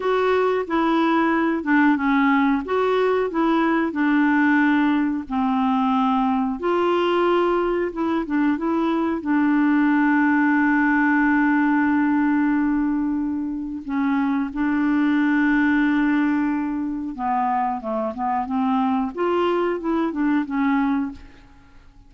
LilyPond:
\new Staff \with { instrumentName = "clarinet" } { \time 4/4 \tempo 4 = 91 fis'4 e'4. d'8 cis'4 | fis'4 e'4 d'2 | c'2 f'2 | e'8 d'8 e'4 d'2~ |
d'1~ | d'4 cis'4 d'2~ | d'2 b4 a8 b8 | c'4 f'4 e'8 d'8 cis'4 | }